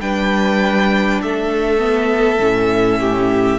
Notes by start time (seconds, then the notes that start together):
0.00 G3 D4 B4 G5
1.21 A3 A4 E5
1.79 B3
2.39 A2 C#4
3.00 G4